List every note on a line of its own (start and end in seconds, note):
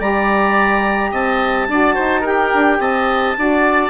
0.00 1.12 G3
0.00 1.70 G4
0.00 1.11 D5
0.00 1.13 A#5
1.11 1.68 C4
1.11 1.67 D#5
1.11 2.26 A5
1.68 1.96 D4
1.68 2.23 F#4
1.68 1.95 D5
1.95 2.54 D#4
1.95 2.21 C5
2.21 3.36 G4
2.21 2.77 A#4
2.21 2.81 G5
2.54 2.80 D4
2.80 3.36 C4
2.80 3.37 D#5
2.80 3.91 A5
3.37 3.91 D4
3.37 3.91 F#4
3.37 3.91 D5